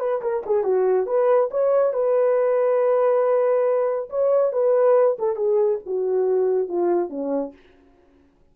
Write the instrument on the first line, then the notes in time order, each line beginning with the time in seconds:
horn
0.00 B4
0.22 A#4
0.46 G#4
0.64 F#4
1.07 B4
1.51 C#5
1.94 B4
4.10 C#5
4.53 B4
5.19 A4
5.36 G#4
5.86 F#4
6.69 F4
7.10 C#4